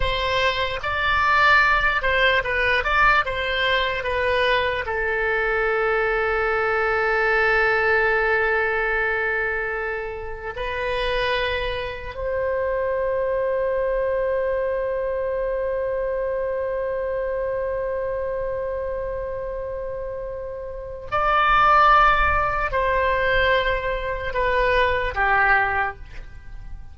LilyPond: \new Staff \with { instrumentName = "oboe" } { \time 4/4 \tempo 4 = 74 c''4 d''4. c''8 b'8 d''8 | c''4 b'4 a'2~ | a'1~ | a'4 b'2 c''4~ |
c''1~ | c''1~ | c''2 d''2 | c''2 b'4 g'4 | }